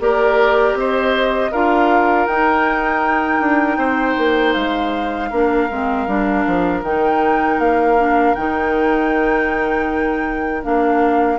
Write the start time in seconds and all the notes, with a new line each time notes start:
0.00 A#3 G4 A#4 D5
0.74 C4 C5 D#5
1.52 D4 F4 A#4 F5
2.27 D#4 G5
3.41 D4
3.78 C4 C5
4.18 A#3
4.54 G#3 F5
5.30 A#3 D4 A#4
5.71 G#3 C4
6.08 G3 D4
6.47 F3
6.83 D#3 D#4 G5
7.59 A#3 F5
7.98 D4
8.35 D#3 D#4 G5
10.63 A#3 D4 F5